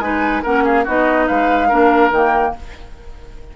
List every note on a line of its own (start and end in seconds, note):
0.00 0.42 G#3
0.00 0.44 D#4
0.00 0.43 B4
0.00 0.43 G#5
0.43 0.88 A#3
0.43 0.87 C#4
0.43 0.64 A#4
0.43 0.66 F#5
0.64 0.85 G#4
0.64 0.87 F5
0.85 1.30 B3
0.85 1.70 D#4
0.85 1.26 F#4
0.85 1.28 D#5
1.28 1.72 G#3
1.28 1.69 B4
1.28 2.12 F5
1.69 2.11 A#3
1.69 2.12 D4
1.69 2.53 A#4
2.11 2.53 D#3
2.11 2.57 A#3
2.11 2.56 G5